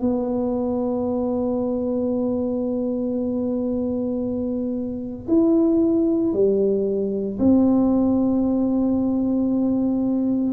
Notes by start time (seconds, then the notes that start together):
0.00 B3
5.28 E4
6.33 G3
7.39 C4